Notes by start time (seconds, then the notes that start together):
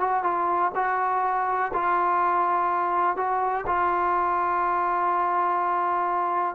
0.00 F#4
0.24 F4
0.75 F#4
1.74 F4
3.17 F#4
3.67 F4